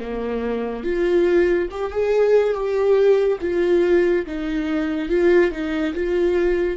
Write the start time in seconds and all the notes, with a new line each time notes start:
0.00 A#3
0.84 F4
1.71 G4
1.92 G#4
2.54 G4
3.41 F4
4.26 D#4
5.09 F4
5.52 D#4
5.94 F4